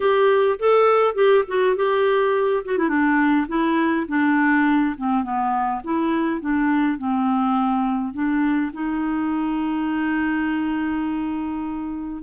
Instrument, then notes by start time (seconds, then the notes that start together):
clarinet
0.00 G4
0.59 A4
1.14 G4
1.47 F#4
1.76 G4
2.65 F#4
2.77 E4
2.88 D4
3.48 E4
4.08 D4
4.97 C4
5.23 B3
5.84 E4
6.40 D4
6.97 C4
8.13 D4
8.73 D#4